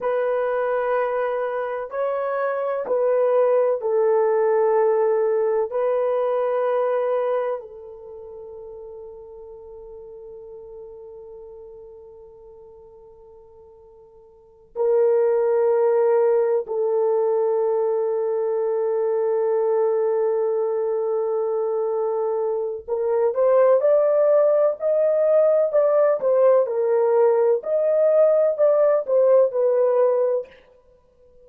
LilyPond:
\new Staff \with { instrumentName = "horn" } { \time 4/4 \tempo 4 = 63 b'2 cis''4 b'4 | a'2 b'2 | a'1~ | a'2.~ a'8 ais'8~ |
ais'4. a'2~ a'8~ | a'1 | ais'8 c''8 d''4 dis''4 d''8 c''8 | ais'4 dis''4 d''8 c''8 b'4 | }